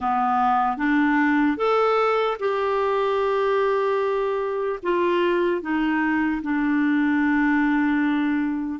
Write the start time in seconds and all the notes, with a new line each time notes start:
0.00 B3
0.77 D4
1.57 A4
2.39 G4
4.82 F4
5.61 D#4
6.42 D4